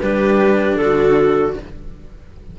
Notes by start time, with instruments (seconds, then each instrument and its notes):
0.00 cello G3 D4, viola G4, clarinet B4
0.75 cello D3, viola F#4, clarinet A4